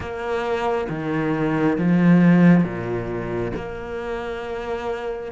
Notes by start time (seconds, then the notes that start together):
0.00 A#3
0.89 D#3
1.78 F3
2.64 A#2
3.55 A#3